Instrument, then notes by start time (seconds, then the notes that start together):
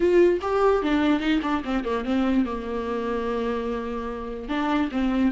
viola
0.00 F4
0.41 G4
0.82 D4
1.20 D#4
1.42 D4
1.64 C4
1.84 A#3
2.04 C4
2.45 A#3
4.48 D4
4.91 C4